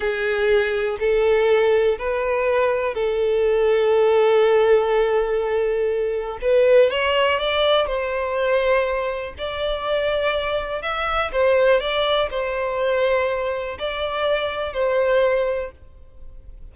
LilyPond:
\new Staff \with { instrumentName = "violin" } { \time 4/4 \tempo 4 = 122 gis'2 a'2 | b'2 a'2~ | a'1~ | a'4 b'4 cis''4 d''4 |
c''2. d''4~ | d''2 e''4 c''4 | d''4 c''2. | d''2 c''2 | }